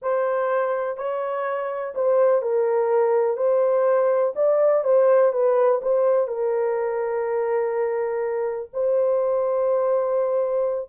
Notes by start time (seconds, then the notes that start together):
0.01 C5
0.97 C#5
1.94 C5
2.41 A#4
3.37 C5
4.35 D5
4.84 C5
5.32 B4
5.82 C5
6.27 A#4
8.73 C5